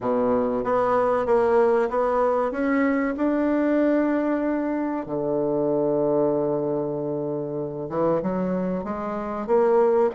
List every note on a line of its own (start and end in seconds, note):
0.00 0.63 B2
0.64 1.26 B3
1.26 1.89 A#3
1.89 2.51 B3
2.51 3.14 C#4
3.16 5.06 D4
5.06 7.89 D3
7.89 8.21 E3
8.22 8.84 F#3
8.84 9.47 G#3
9.47 10.10 A#3